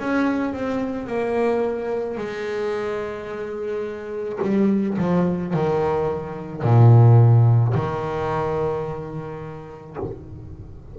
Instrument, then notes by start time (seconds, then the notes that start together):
double bass
0.00 C#4
0.54 C4
1.07 A#3
2.18 G#3
4.43 G3
4.98 F3
5.54 D#3
6.63 A#2
7.75 D#3